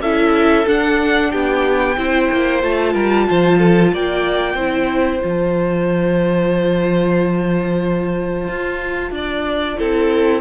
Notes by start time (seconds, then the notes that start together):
0.00 C#4 E4 A4 E5
0.66 D4 F#5
1.31 B3 G4 G5
1.97 C4 E4 C5
2.31 A#3
2.62 A3 F4 A5
2.93 G3 A#4
3.29 F3 C5
3.58 A4
3.92 A#3 D5 G5
4.54 C4 E4 C5
5.22 F3 F4 A5
8.47 F4
9.11 D4 D5
9.77 C4 E4 A4